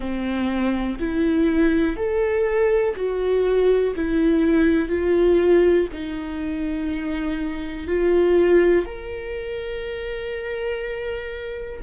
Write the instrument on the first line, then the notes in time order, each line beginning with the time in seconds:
viola
0.00 C4
0.99 E4
1.96 A4
2.96 F#4
3.95 E4
4.89 F4
5.92 D#4
7.87 F4
8.85 A#4